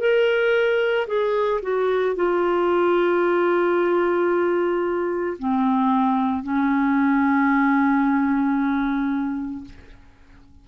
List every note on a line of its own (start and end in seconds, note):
0.00 1.07 A#4
1.08 1.61 G#4
1.62 2.16 F#4
2.16 5.37 F4
5.39 6.43 C4
6.43 9.65 C#4